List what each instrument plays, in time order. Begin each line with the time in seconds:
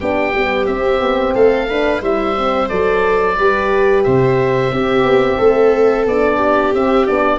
0.00 tuba B3, horn D4, viola G4, oboe G5
0.34 tuba G3, horn B3
0.67 tuba C4, horn C4, oboe E5
1.01 tuba B3
1.35 tuba A3, viola A4, oboe F5
1.69 horn D4, viola B4
2.01 tuba G3, horn E4, viola C5, oboe E5
2.38 horn C4
2.69 tuba F#3, horn A4, oboe D5
3.38 tuba G3, horn G4, viola B4
4.04 tuba C3, viola C5, oboe E5
4.71 tuba C4, horn C4, viola G4
5.04 tuba B3
5.39 tuba A3, viola A4
6.06 tuba B3, horn D4, oboe D5
6.36 viola G4
6.74 tuba C4, horn C4, oboe E5
7.07 tuba B3, horn D4, oboe D5